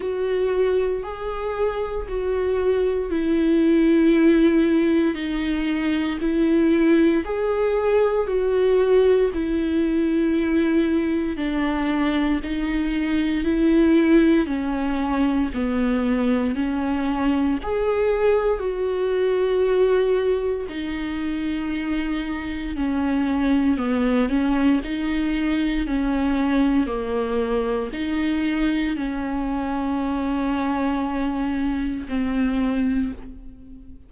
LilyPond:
\new Staff \with { instrumentName = "viola" } { \time 4/4 \tempo 4 = 58 fis'4 gis'4 fis'4 e'4~ | e'4 dis'4 e'4 gis'4 | fis'4 e'2 d'4 | dis'4 e'4 cis'4 b4 |
cis'4 gis'4 fis'2 | dis'2 cis'4 b8 cis'8 | dis'4 cis'4 ais4 dis'4 | cis'2. c'4 | }